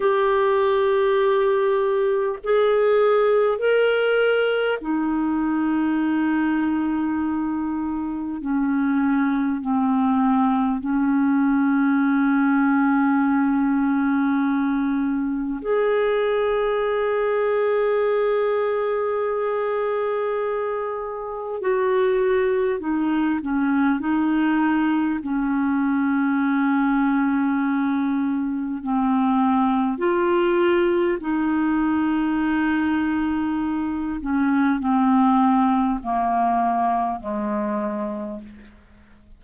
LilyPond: \new Staff \with { instrumentName = "clarinet" } { \time 4/4 \tempo 4 = 50 g'2 gis'4 ais'4 | dis'2. cis'4 | c'4 cis'2.~ | cis'4 gis'2.~ |
gis'2 fis'4 dis'8 cis'8 | dis'4 cis'2. | c'4 f'4 dis'2~ | dis'8 cis'8 c'4 ais4 gis4 | }